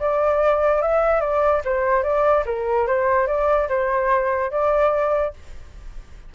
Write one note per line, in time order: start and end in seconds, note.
0.00 0.82 D5
0.82 1.21 E5
1.21 1.62 D5
1.65 2.03 C5
2.03 2.45 D5
2.46 2.87 A#4
2.87 3.27 C5
3.27 3.68 D5
3.69 4.51 C5
4.51 5.34 D5